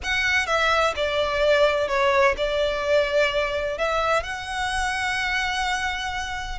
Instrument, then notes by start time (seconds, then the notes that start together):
violin
0.03 F#5
0.46 E5
0.96 D5
1.87 C#5
2.37 D5
3.78 E5
4.23 F#5